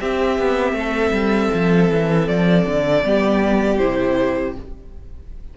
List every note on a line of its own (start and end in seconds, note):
0.00 0.38 C4
0.00 3.03 C4
0.00 0.76 G4
0.00 2.28 E5
0.38 0.72 B3
0.72 1.10 A3
0.72 3.05 A4
1.11 1.49 G3
1.53 1.90 F3
1.90 2.28 E3
2.28 2.65 F3
2.28 3.78 D5
2.65 3.03 D3
3.03 3.79 G3
3.03 3.79 B3
3.03 4.57 G4
3.78 4.55 C3
3.78 4.55 E4
3.78 4.53 C5